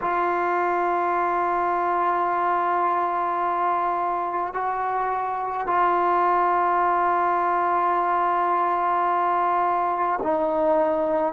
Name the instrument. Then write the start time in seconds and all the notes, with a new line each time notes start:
trombone
0.01 F4
4.53 F#4
5.67 F4
10.22 D#4